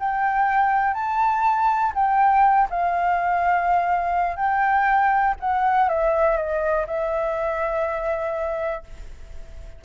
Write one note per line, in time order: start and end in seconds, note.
0.00 0.94 G5
0.94 1.93 A5
1.95 2.69 G5
2.70 4.37 F5
4.37 5.35 G5
5.40 5.89 F#5
5.89 6.37 E5
6.37 6.87 D#5
6.87 8.84 E5